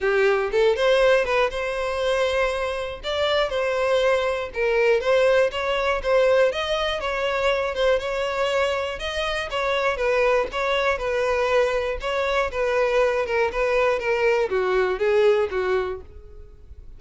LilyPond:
\new Staff \with { instrumentName = "violin" } { \time 4/4 \tempo 4 = 120 g'4 a'8 c''4 b'8 c''4~ | c''2 d''4 c''4~ | c''4 ais'4 c''4 cis''4 | c''4 dis''4 cis''4. c''8 |
cis''2 dis''4 cis''4 | b'4 cis''4 b'2 | cis''4 b'4. ais'8 b'4 | ais'4 fis'4 gis'4 fis'4 | }